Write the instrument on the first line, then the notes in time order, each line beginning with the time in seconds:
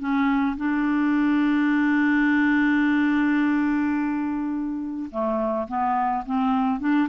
clarinet
0.00 C#4
0.58 D4
5.11 A3
5.68 B3
6.26 C4
6.80 D4